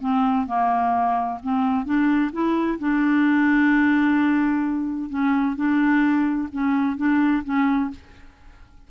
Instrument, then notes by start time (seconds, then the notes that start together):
clarinet
0.00 C4
0.46 A#3
1.43 C4
1.85 D4
2.32 E4
2.79 D4
5.09 C#4
5.56 D4
6.52 C#4
6.97 D4
7.44 C#4